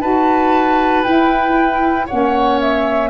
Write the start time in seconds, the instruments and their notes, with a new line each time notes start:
0.00 tuba D#4, saxophone F#4, oboe B4, flute A5
1.03 saxophone E4, tuba E4, flute G5
2.06 tuba A#3, saxophone C#4, oboe C#5, flute F#5
2.60 flute E5